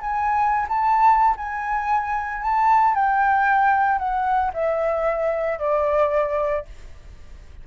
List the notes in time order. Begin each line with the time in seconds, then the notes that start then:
0.00 G#5
0.69 A5
1.37 G#5
2.42 A5
2.95 G5
3.98 F#5
4.53 E5
5.59 D5